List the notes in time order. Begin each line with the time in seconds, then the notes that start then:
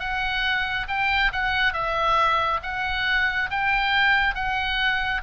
0.00 F#5
0.89 G5
1.33 F#5
1.74 E5
2.63 F#5
3.51 G5
4.35 F#5